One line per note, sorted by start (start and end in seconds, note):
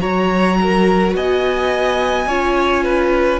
0.00 1.15 F#3
0.00 2.26 F#4
0.00 0.58 C#5
0.00 1.14 A#5
0.61 1.16 A#4
1.15 2.26 B3
1.15 2.28 D#5
1.15 3.40 G#5
2.26 3.39 C#4
2.26 3.40 F4
2.26 2.84 C#5
2.84 3.40 B4